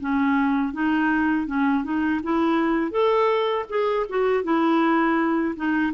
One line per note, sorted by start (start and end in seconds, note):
0.00 0.73 C#4
0.73 1.46 D#4
1.46 1.84 C#4
1.84 2.21 D#4
2.23 2.91 E4
2.91 3.65 A4
3.69 4.06 G#4
4.09 4.43 F#4
4.43 5.54 E4
5.56 5.93 D#4